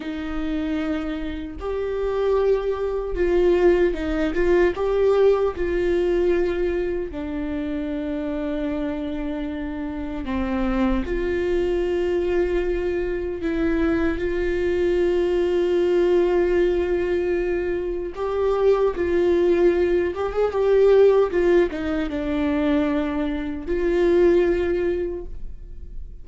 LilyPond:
\new Staff \with { instrumentName = "viola" } { \time 4/4 \tempo 4 = 76 dis'2 g'2 | f'4 dis'8 f'8 g'4 f'4~ | f'4 d'2.~ | d'4 c'4 f'2~ |
f'4 e'4 f'2~ | f'2. g'4 | f'4. g'16 gis'16 g'4 f'8 dis'8 | d'2 f'2 | }